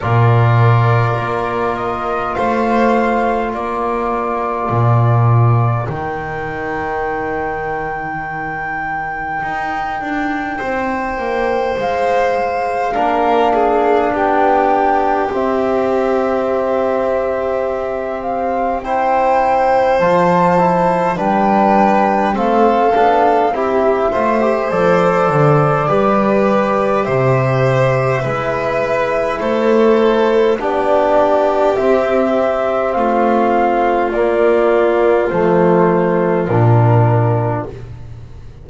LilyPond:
<<
  \new Staff \with { instrumentName = "flute" } { \time 4/4 \tempo 4 = 51 d''4. dis''8 f''4 d''4~ | d''4 g''2.~ | g''2 f''2 | g''4 e''2~ e''8 f''8 |
g''4 a''4 g''4 f''4 | e''4 d''2 e''4~ | e''4 c''4 d''4 e''4 | f''4 d''4 c''4 ais'4 | }
  \new Staff \with { instrumentName = "violin" } { \time 4/4 ais'2 c''4 ais'4~ | ais'1~ | ais'4 c''2 ais'8 gis'8 | g'1 |
c''2 b'4 a'4 | g'8 c''4. b'4 c''4 | b'4 a'4 g'2 | f'1 | }
  \new Staff \with { instrumentName = "trombone" } { \time 4/4 f'1~ | f'4 dis'2.~ | dis'2. d'4~ | d'4 c'2. |
e'4 f'8 e'8 d'4 c'8 d'8 | e'8 f'16 g'16 a'4 g'2 | e'2 d'4 c'4~ | c'4 ais4 a4 d'4 | }
  \new Staff \with { instrumentName = "double bass" } { \time 4/4 ais,4 ais4 a4 ais4 | ais,4 dis2. | dis'8 d'8 c'8 ais8 gis4 ais4 | b4 c'2.~ |
c'4 f4 g4 a8 b8 | c'8 a8 f8 d8 g4 c4 | gis4 a4 b4 c'4 | a4 ais4 f4 ais,4 | }
>>